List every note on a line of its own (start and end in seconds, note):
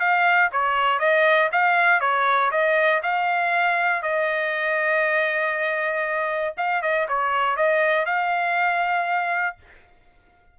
0.00 0.50 F5
0.52 0.99 C#5
0.99 1.50 D#5
1.53 2.01 F5
2.01 2.51 C#5
2.51 3.02 D#5
3.03 4.03 F5
4.03 6.55 D#5
6.58 6.82 F5
6.82 7.07 D#5
7.09 7.57 C#5
7.57 8.06 D#5
8.06 9.57 F5